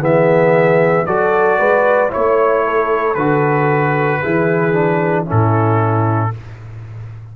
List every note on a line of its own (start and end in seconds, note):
0.00 1.05 E3
0.00 1.06 B3
0.00 1.06 G#4
0.00 1.06 E5
1.06 1.59 F#3
1.06 2.09 F#4
1.06 1.59 A4
1.06 2.11 D5
1.59 2.12 G#3
1.59 2.11 B4
2.09 3.15 E4
2.09 2.63 C#5
2.09 3.14 C#5
2.16 3.16 A3
2.66 4.22 A4
3.14 4.21 D3
3.14 4.22 F#4
3.14 5.25 B4
4.22 5.30 E3
4.22 4.73 E4
4.22 5.25 G#4
4.73 5.26 D4
5.25 6.36 A2
5.25 6.31 C#4
5.25 6.31 E4
5.25 6.36 A4